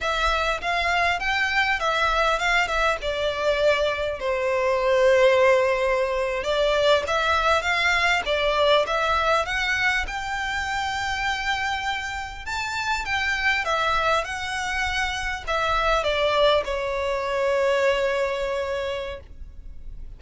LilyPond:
\new Staff \with { instrumentName = "violin" } { \time 4/4 \tempo 4 = 100 e''4 f''4 g''4 e''4 | f''8 e''8 d''2 c''4~ | c''2~ c''8. d''4 e''16~ | e''8. f''4 d''4 e''4 fis''16~ |
fis''8. g''2.~ g''16~ | g''8. a''4 g''4 e''4 fis''16~ | fis''4.~ fis''16 e''4 d''4 cis''16~ | cis''1 | }